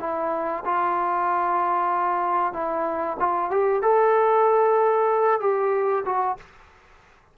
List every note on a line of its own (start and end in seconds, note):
0.00 0.64 E4
0.65 2.53 F4
2.53 3.17 E4
3.19 3.50 F4
3.50 3.82 G4
3.82 5.40 A4
5.40 6.04 G4
6.05 6.37 F#4